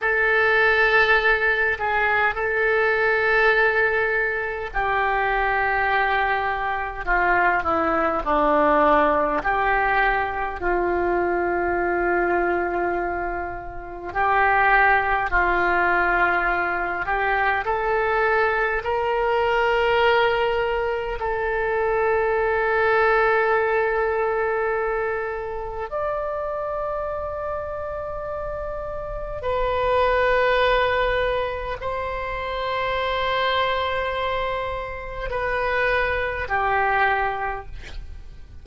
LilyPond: \new Staff \with { instrumentName = "oboe" } { \time 4/4 \tempo 4 = 51 a'4. gis'8 a'2 | g'2 f'8 e'8 d'4 | g'4 f'2. | g'4 f'4. g'8 a'4 |
ais'2 a'2~ | a'2 d''2~ | d''4 b'2 c''4~ | c''2 b'4 g'4 | }